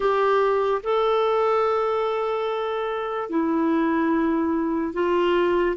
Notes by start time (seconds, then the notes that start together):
0.00 G4
0.83 A4
3.29 E4
4.93 F4